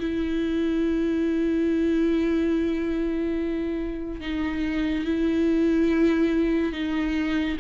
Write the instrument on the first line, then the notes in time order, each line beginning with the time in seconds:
viola
0.00 E4
4.21 D#4
5.06 E4
6.73 D#4